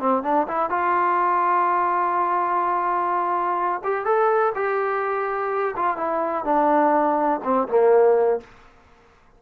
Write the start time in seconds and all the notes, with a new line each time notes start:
0.00 C4
0.24 D4
0.48 E4
0.70 F4
3.84 G4
4.05 A4
4.55 G4
5.77 F4
5.97 E4
6.45 D4
7.44 C4
7.68 A#3